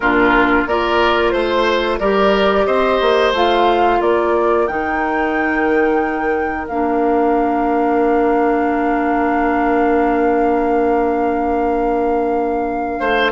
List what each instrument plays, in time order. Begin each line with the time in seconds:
0.00 bassoon A#2, clarinet D4, oboe F4, flute A#4
0.66 bassoon A#3, clarinet F4, oboe A#4, flute D5
1.30 bassoon A3, flute C5, oboe C5
1.99 bassoon G3, clarinet G4, oboe A#4, flute D5
2.65 bassoon C4, oboe C5, flute D#5
3.01 bassoon A#3
3.32 bassoon A3, clarinet F4, flute F5
3.99 bassoon A#3, oboe A#4, flute D5
4.67 bassoon D#3, clarinet D#4, flute G5
6.67 bassoon A#3, clarinet D4, flute F5
12.99 bassoon A3, oboe C5